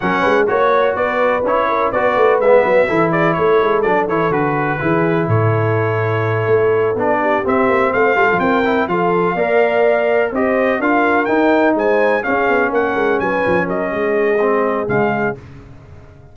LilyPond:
<<
  \new Staff \with { instrumentName = "trumpet" } { \time 4/4 \tempo 4 = 125 fis''4 cis''4 d''4 cis''4 | d''4 e''4. d''8 cis''4 | d''8 cis''8 b'2 cis''4~ | cis''2~ cis''8 d''4 e''8~ |
e''8 f''4 g''4 f''4.~ | f''4. dis''4 f''4 g''8~ | g''8 gis''4 f''4 fis''4 gis''8~ | gis''8 dis''2~ dis''8 f''4 | }
  \new Staff \with { instrumentName = "horn" } { \time 4/4 ais'8 b'8 cis''4 b'4. ais'8 | b'2 a'8 gis'8 a'4~ | a'2 gis'4 a'4~ | a'2. g'4~ |
g'8 c''8 a'8 ais'4 a'4 d''8~ | d''4. c''4 ais'4.~ | ais'8 c''4 gis'4 ais'4 b'8~ | b'8 ais'8 gis'2. | }
  \new Staff \with { instrumentName = "trombone" } { \time 4/4 cis'4 fis'2 e'4 | fis'4 b4 e'2 | d'8 e'8 fis'4 e'2~ | e'2~ e'8 d'4 c'8~ |
c'4 f'4 e'8 f'4 ais'8~ | ais'4. g'4 f'4 dis'8~ | dis'4. cis'2~ cis'8~ | cis'2 c'4 gis4 | }
  \new Staff \with { instrumentName = "tuba" } { \time 4/4 fis8 gis8 ais4 b4 cis'4 | b8 a8 gis8 fis8 e4 a8 gis8 | fis8 e8 d4 e4 a,4~ | a,4. a4 b4 c'8 |
ais8 a8 g16 f16 c'4 f4 ais8~ | ais4. c'4 d'4 dis'8~ | dis'8 gis4 cis'8 b8 ais8 gis8 fis8 | f8 fis8 gis2 cis4 | }
>>